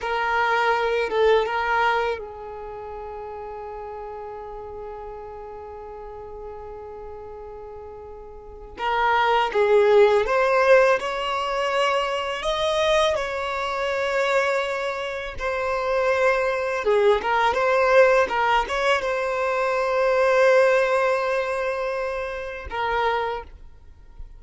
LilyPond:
\new Staff \with { instrumentName = "violin" } { \time 4/4 \tempo 4 = 82 ais'4. a'8 ais'4 gis'4~ | gis'1~ | gis'1 | ais'4 gis'4 c''4 cis''4~ |
cis''4 dis''4 cis''2~ | cis''4 c''2 gis'8 ais'8 | c''4 ais'8 cis''8 c''2~ | c''2. ais'4 | }